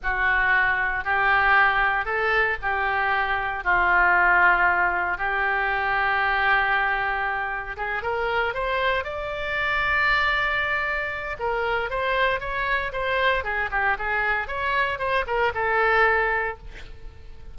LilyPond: \new Staff \with { instrumentName = "oboe" } { \time 4/4 \tempo 4 = 116 fis'2 g'2 | a'4 g'2 f'4~ | f'2 g'2~ | g'2. gis'8 ais'8~ |
ais'8 c''4 d''2~ d''8~ | d''2 ais'4 c''4 | cis''4 c''4 gis'8 g'8 gis'4 | cis''4 c''8 ais'8 a'2 | }